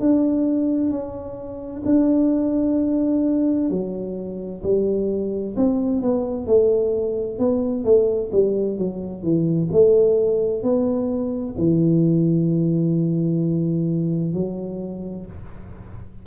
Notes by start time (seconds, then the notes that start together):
0.00 D4
0.90 C#4
1.85 D4
3.70 F#3
4.63 G3
5.56 C4
6.02 B3
6.47 A3
7.39 B3
7.84 A3
8.32 G3
8.78 F#3
9.23 E3
9.72 A3
10.63 B3
11.58 E3
14.34 F#3